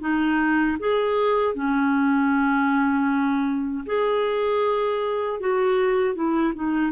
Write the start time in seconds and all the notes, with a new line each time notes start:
0.00 D#4
0.79 G#4
1.54 C#4
3.86 G#4
5.40 F#4
6.14 E4
6.55 D#4